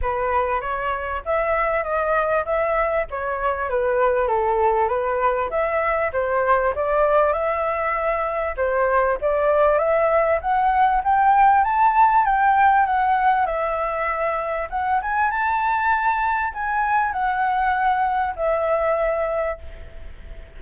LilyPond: \new Staff \with { instrumentName = "flute" } { \time 4/4 \tempo 4 = 98 b'4 cis''4 e''4 dis''4 | e''4 cis''4 b'4 a'4 | b'4 e''4 c''4 d''4 | e''2 c''4 d''4 |
e''4 fis''4 g''4 a''4 | g''4 fis''4 e''2 | fis''8 gis''8 a''2 gis''4 | fis''2 e''2 | }